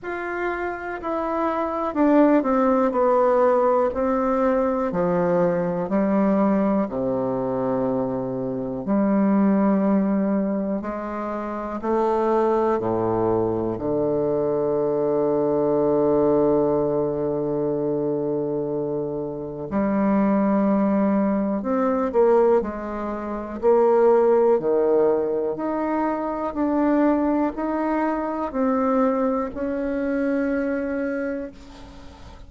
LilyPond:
\new Staff \with { instrumentName = "bassoon" } { \time 4/4 \tempo 4 = 61 f'4 e'4 d'8 c'8 b4 | c'4 f4 g4 c4~ | c4 g2 gis4 | a4 a,4 d2~ |
d1 | g2 c'8 ais8 gis4 | ais4 dis4 dis'4 d'4 | dis'4 c'4 cis'2 | }